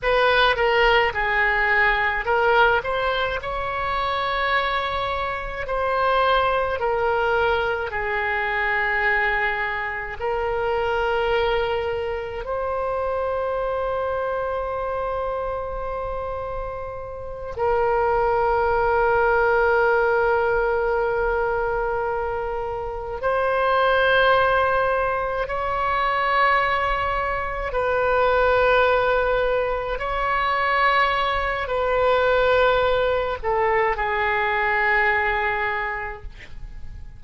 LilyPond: \new Staff \with { instrumentName = "oboe" } { \time 4/4 \tempo 4 = 53 b'8 ais'8 gis'4 ais'8 c''8 cis''4~ | cis''4 c''4 ais'4 gis'4~ | gis'4 ais'2 c''4~ | c''2.~ c''8 ais'8~ |
ais'1~ | ais'8 c''2 cis''4.~ | cis''8 b'2 cis''4. | b'4. a'8 gis'2 | }